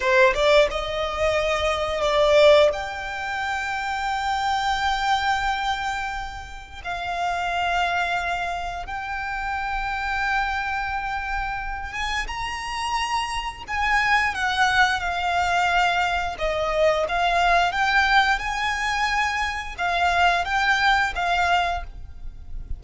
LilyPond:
\new Staff \with { instrumentName = "violin" } { \time 4/4 \tempo 4 = 88 c''8 d''8 dis''2 d''4 | g''1~ | g''2 f''2~ | f''4 g''2.~ |
g''4. gis''8 ais''2 | gis''4 fis''4 f''2 | dis''4 f''4 g''4 gis''4~ | gis''4 f''4 g''4 f''4 | }